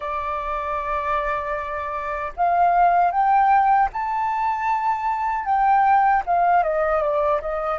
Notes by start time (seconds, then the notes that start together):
0.00 D5
2.36 F5
3.11 G5
3.92 A5
5.45 G5
6.26 F5
6.63 D#5
7.01 D5
7.41 D#5